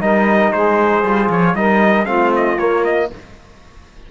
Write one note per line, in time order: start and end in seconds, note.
0.00 0.52 G3
0.00 1.03 D#4
0.00 0.52 A#4
0.00 0.52 D#5
0.52 1.03 G#3
0.52 1.56 G#4
0.52 1.30 C5
1.03 1.29 G3
1.03 1.55 F4
1.29 1.54 F3
1.29 1.55 C#5
1.54 2.06 G3
1.54 2.06 D#4
1.54 2.06 A#4
1.54 2.05 D#5
2.05 2.58 A3
2.05 2.57 C4
2.05 3.10 F4
2.05 2.31 F5
2.35 2.58 D#5
2.58 3.10 A#3
2.58 3.11 A#3
2.58 2.84 C#5
2.84 3.10 D#5